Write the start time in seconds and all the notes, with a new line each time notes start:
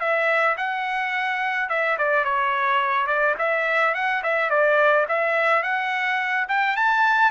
0.00 E5
0.58 F#5
1.70 E5
1.99 D5
2.25 C#5
3.07 D5
3.38 E5
3.95 F#5
4.23 E5
4.50 D5
5.08 E5
5.63 F#5
6.49 G5
6.77 A5